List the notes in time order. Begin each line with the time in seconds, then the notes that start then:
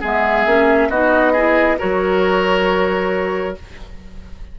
0.00 G#3 B3 G#4 E5
0.45 A#3 C#4
0.89 B3 D#4 F#4 D#5
1.32 E4 G#4
1.78 F#3 F#4 A#4 C#5